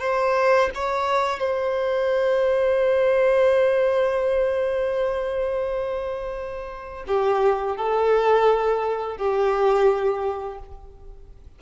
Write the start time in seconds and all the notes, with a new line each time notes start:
0.00 C5
0.75 C#5
1.40 C5
7.08 G4
7.77 A4
9.18 G4